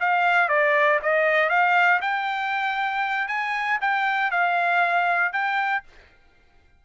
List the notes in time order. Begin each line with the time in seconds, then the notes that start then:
0.00 F5
0.49 D5
1.02 D#5
1.49 F5
2.01 G5
3.28 G#5
3.81 G5
4.31 F5
5.33 G5